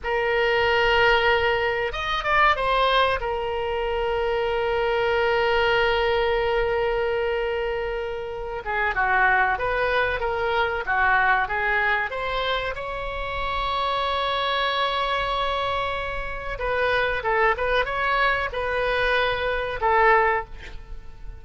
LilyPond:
\new Staff \with { instrumentName = "oboe" } { \time 4/4 \tempo 4 = 94 ais'2. dis''8 d''8 | c''4 ais'2.~ | ais'1~ | ais'4. gis'8 fis'4 b'4 |
ais'4 fis'4 gis'4 c''4 | cis''1~ | cis''2 b'4 a'8 b'8 | cis''4 b'2 a'4 | }